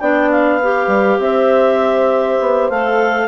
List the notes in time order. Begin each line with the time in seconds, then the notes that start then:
0.00 B3 D4 D5 G5
0.31 F5
0.61 G4 B4
0.88 G3
1.19 C4 C5 E5
2.40 B3
2.70 A3 A4 F5